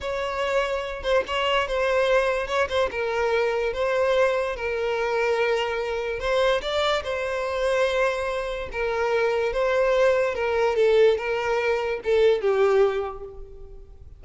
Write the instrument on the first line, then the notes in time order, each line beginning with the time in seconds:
violin
0.00 C#5
1.03 C5
1.27 C#5
1.67 C5
2.47 C#5
2.69 C5
2.91 A#4
3.73 C5
4.56 A#4
6.19 C5
6.61 D5
7.03 C5
8.72 A#4
9.52 C5
10.34 A#4
10.76 A4
11.17 A#4
12.04 A4
12.41 G4